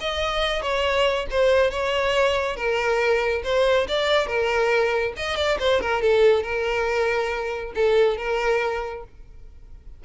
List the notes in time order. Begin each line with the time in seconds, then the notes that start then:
0.00 D#5
0.61 C#5
1.30 C5
1.71 C#5
2.56 A#4
3.44 C5
3.88 D5
4.27 A#4
5.16 D#5
5.36 D5
5.59 C5
5.81 A#4
6.02 A4
6.43 A#4
7.75 A4
8.17 A#4